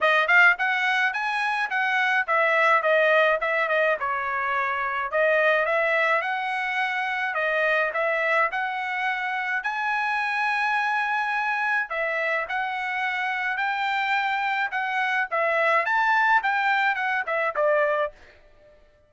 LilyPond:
\new Staff \with { instrumentName = "trumpet" } { \time 4/4 \tempo 4 = 106 dis''8 f''8 fis''4 gis''4 fis''4 | e''4 dis''4 e''8 dis''8 cis''4~ | cis''4 dis''4 e''4 fis''4~ | fis''4 dis''4 e''4 fis''4~ |
fis''4 gis''2.~ | gis''4 e''4 fis''2 | g''2 fis''4 e''4 | a''4 g''4 fis''8 e''8 d''4 | }